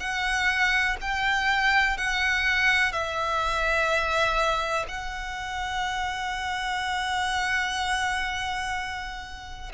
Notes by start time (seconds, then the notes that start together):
0.00 F#5
1.01 G5
1.98 F#5
2.92 E5
4.88 F#5